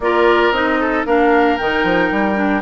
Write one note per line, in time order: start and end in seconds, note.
0.00 0.51 A#3
0.00 0.54 F4
0.00 0.80 A#4
0.00 0.52 D5
0.51 1.04 C4
0.51 1.06 D#4
0.51 1.05 D#5
0.80 1.06 A4
1.05 1.58 A#3
1.05 1.58 D4
1.05 2.62 A#4
1.05 1.57 F5
1.57 1.83 D#3
1.57 2.35 D#4
1.57 2.62 G5
1.83 2.09 F3
2.11 2.62 G3
2.35 2.61 D4